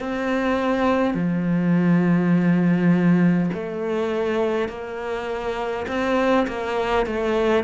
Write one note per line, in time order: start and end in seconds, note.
0.00 1.14 C4
1.14 3.50 F3
3.53 4.68 A3
4.68 5.86 A#3
5.88 6.47 C4
6.48 7.06 A#3
7.06 7.64 A3